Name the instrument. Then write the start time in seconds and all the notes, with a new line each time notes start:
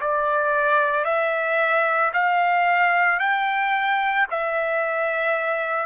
trumpet
0.00 D5
1.04 E5
2.13 F5
3.19 G5
4.31 E5